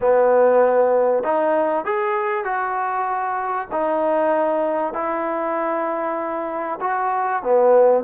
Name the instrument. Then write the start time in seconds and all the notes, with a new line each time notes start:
trombone
0.01 B3
1.23 D#4
1.84 G#4
2.44 F#4
3.71 D#4
4.93 E4
6.80 F#4
7.42 B3